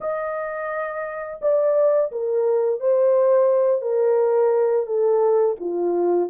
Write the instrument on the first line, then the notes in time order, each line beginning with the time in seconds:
horn
0.00 D#5
1.41 D5
2.11 A#4
2.80 C5
3.82 A#4
4.86 A4
5.59 F4